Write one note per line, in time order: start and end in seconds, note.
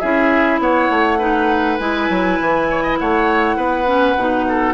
0.00 0.60 C#4
0.00 1.20 E4
0.00 0.60 G#4
0.00 0.59 E5
0.60 0.89 B3
0.60 1.19 C#5
0.60 1.78 F#5
0.90 1.80 A3
1.19 1.79 D#4
1.19 2.67 B4
1.78 2.10 G#3
1.78 3.87 E4
1.78 2.97 G#5
2.10 2.40 F#3
2.41 3.01 E3
2.70 2.83 C#5
2.83 2.98 D#5
2.99 3.57 A3
2.99 3.57 C#5
2.99 4.74 F#5
3.57 4.16 B3
3.57 4.46 B4
3.87 4.16 C#4
4.17 4.74 B2
4.17 4.74 D#4
4.49 4.74 A4